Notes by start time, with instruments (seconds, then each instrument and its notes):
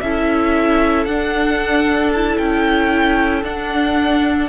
0.00 cello C#4, viola E4, violin A4 E5
1.05 cello D4, viola D4, violin F#5
2.12 viola E4, violin A5
2.37 cello C#4, violin G5
3.43 cello D4, viola D4, violin F#5